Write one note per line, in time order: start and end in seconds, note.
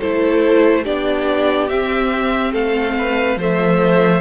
0.00 0.87 A3
0.00 0.84 E4
0.00 0.84 A4
0.00 0.85 C5
0.84 1.70 B3
0.84 1.69 D4
0.84 2.52 G4
0.84 1.69 D5
1.69 3.38 C4
1.69 2.53 C4
1.69 2.54 E5
2.52 3.37 A3
2.52 2.94 A4
2.52 3.38 F5
2.98 3.38 B4
3.37 4.21 F3
3.37 4.21 A3
3.37 4.21 C5
3.37 4.21 E5